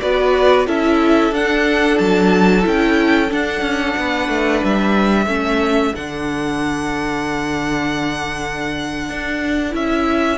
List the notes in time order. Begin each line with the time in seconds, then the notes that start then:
0.00 B3 F#4 B4 D5
0.66 C#4 E4 A4 E5
1.31 D4 F#5
1.98 F#3 A5
2.62 C#4 E4 G5
3.28 D4 F#5
3.61 C#4
3.96 B3 B4
4.28 A3
4.63 G3 E5
5.26 A3 C#4 A4
5.94 D3 D4 F#5
9.09 D4
9.71 C#4 E4 E5